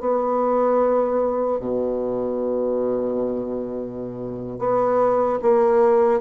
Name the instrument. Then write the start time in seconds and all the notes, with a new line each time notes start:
bassoon
0.00 B3
1.60 B2
4.59 B3
5.42 A#3